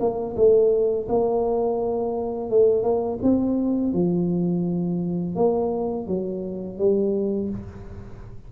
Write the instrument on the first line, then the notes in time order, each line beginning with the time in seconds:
tuba
0.00 A#3
0.36 A3
1.09 A#3
2.50 A3
2.83 A#3
3.23 C4
3.94 F3
5.36 A#3
6.07 F#3
6.78 G3